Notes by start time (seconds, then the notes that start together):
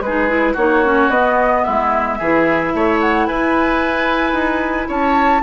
0.00 G#3 G#4 B4
0.07 D#4
0.28 E4
0.53 A#3 D#4 F#4 C#5
0.84 C#4
1.08 B3 D#5
1.64 G#3 E4 E5
2.18 E3 E4 G#4
2.74 A3 C#5
3.00 F#5
3.26 E4 B4 G#5
4.33 D#4
4.88 C#4 C#5 A5